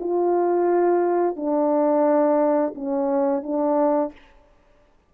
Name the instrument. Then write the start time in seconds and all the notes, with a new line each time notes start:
horn
0.00 F4
1.36 D4
2.75 C#4
3.43 D4